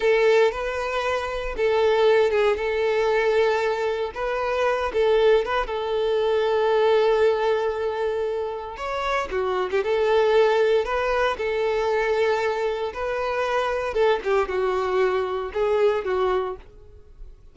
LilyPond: \new Staff \with { instrumentName = "violin" } { \time 4/4 \tempo 4 = 116 a'4 b'2 a'4~ | a'8 gis'8 a'2. | b'4. a'4 b'8 a'4~ | a'1~ |
a'4 cis''4 fis'8. g'16 a'4~ | a'4 b'4 a'2~ | a'4 b'2 a'8 g'8 | fis'2 gis'4 fis'4 | }